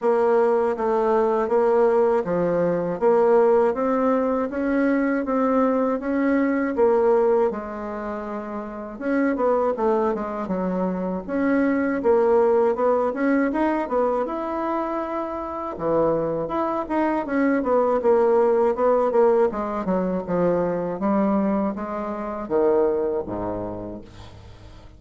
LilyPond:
\new Staff \with { instrumentName = "bassoon" } { \time 4/4 \tempo 4 = 80 ais4 a4 ais4 f4 | ais4 c'4 cis'4 c'4 | cis'4 ais4 gis2 | cis'8 b8 a8 gis8 fis4 cis'4 |
ais4 b8 cis'8 dis'8 b8 e'4~ | e'4 e4 e'8 dis'8 cis'8 b8 | ais4 b8 ais8 gis8 fis8 f4 | g4 gis4 dis4 gis,4 | }